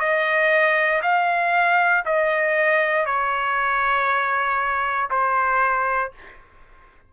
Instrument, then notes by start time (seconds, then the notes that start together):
trumpet
0.00 D#5
1.03 F5
2.06 D#5
3.06 C#5
5.10 C5